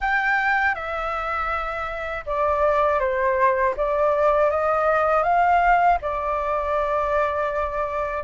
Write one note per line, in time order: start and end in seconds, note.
0.00 0.74 G5
0.74 2.24 E5
2.26 2.99 D5
2.99 3.74 C5
3.76 4.50 D5
4.50 5.23 D#5
5.23 5.98 F5
6.01 8.23 D5